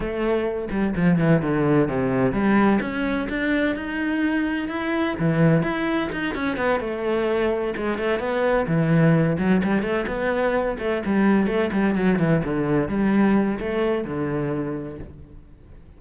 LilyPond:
\new Staff \with { instrumentName = "cello" } { \time 4/4 \tempo 4 = 128 a4. g8 f8 e8 d4 | c4 g4 cis'4 d'4 | dis'2 e'4 e4 | e'4 dis'8 cis'8 b8 a4.~ |
a8 gis8 a8 b4 e4. | fis8 g8 a8 b4. a8 g8~ | g8 a8 g8 fis8 e8 d4 g8~ | g4 a4 d2 | }